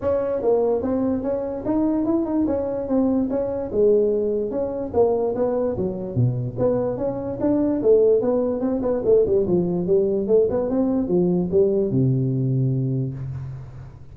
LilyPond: \new Staff \with { instrumentName = "tuba" } { \time 4/4 \tempo 4 = 146 cis'4 ais4 c'4 cis'4 | dis'4 e'8 dis'8 cis'4 c'4 | cis'4 gis2 cis'4 | ais4 b4 fis4 b,4 |
b4 cis'4 d'4 a4 | b4 c'8 b8 a8 g8 f4 | g4 a8 b8 c'4 f4 | g4 c2. | }